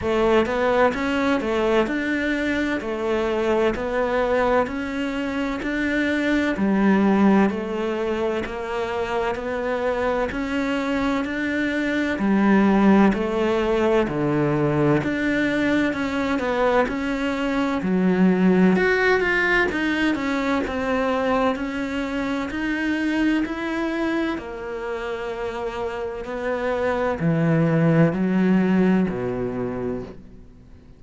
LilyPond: \new Staff \with { instrumentName = "cello" } { \time 4/4 \tempo 4 = 64 a8 b8 cis'8 a8 d'4 a4 | b4 cis'4 d'4 g4 | a4 ais4 b4 cis'4 | d'4 g4 a4 d4 |
d'4 cis'8 b8 cis'4 fis4 | fis'8 f'8 dis'8 cis'8 c'4 cis'4 | dis'4 e'4 ais2 | b4 e4 fis4 b,4 | }